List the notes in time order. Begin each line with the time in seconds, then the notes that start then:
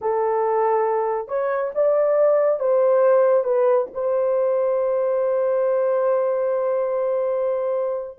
0.01 A4
1.28 C#5
1.74 D5
2.59 C5
3.43 B4
3.93 C5